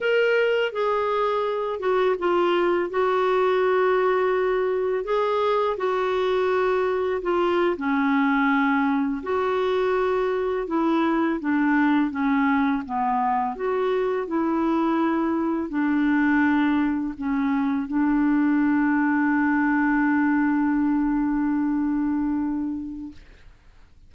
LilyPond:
\new Staff \with { instrumentName = "clarinet" } { \time 4/4 \tempo 4 = 83 ais'4 gis'4. fis'8 f'4 | fis'2. gis'4 | fis'2 f'8. cis'4~ cis'16~ | cis'8. fis'2 e'4 d'16~ |
d'8. cis'4 b4 fis'4 e'16~ | e'4.~ e'16 d'2 cis'16~ | cis'8. d'2.~ d'16~ | d'1 | }